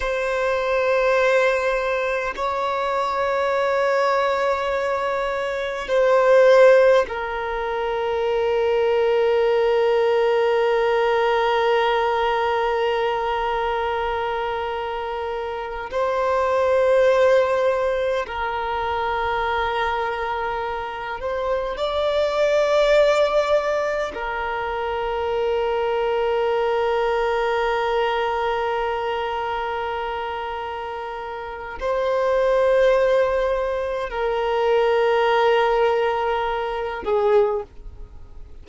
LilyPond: \new Staff \with { instrumentName = "violin" } { \time 4/4 \tempo 4 = 51 c''2 cis''2~ | cis''4 c''4 ais'2~ | ais'1~ | ais'4. c''2 ais'8~ |
ais'2 c''8 d''4.~ | d''8 ais'2.~ ais'8~ | ais'2. c''4~ | c''4 ais'2~ ais'8 gis'8 | }